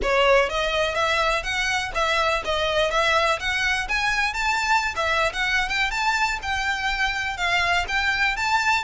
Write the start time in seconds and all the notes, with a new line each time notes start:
0.02 C#5
0.49 D#5
0.94 E5
1.43 F#5
1.94 E5
2.44 D#5
2.90 E5
3.39 F#5
3.88 G#5
4.33 A5
4.96 E5
5.32 F#5
5.68 G5
5.90 A5
6.42 G5
7.37 F5
7.88 G5
8.36 A5